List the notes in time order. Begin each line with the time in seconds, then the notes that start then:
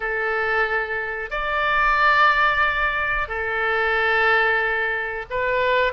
0.00 A4
1.30 D5
3.28 A4
5.30 B4